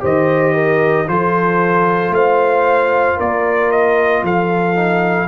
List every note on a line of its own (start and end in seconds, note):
0.00 1.08 D#3
0.00 1.05 G4
0.00 0.53 C5
0.00 1.08 D#5
0.53 1.06 A#4
1.07 2.10 F3
1.07 4.75 F4
1.07 2.14 A4
1.07 2.14 C5
2.10 3.15 A3
2.10 3.17 C5
2.10 3.19 F5
3.17 4.23 A#3
3.17 4.22 A#4
3.17 3.71 D5
3.71 4.24 D#5
4.23 5.28 F3
4.23 5.28 A4
4.23 5.28 F5
4.75 5.28 D#4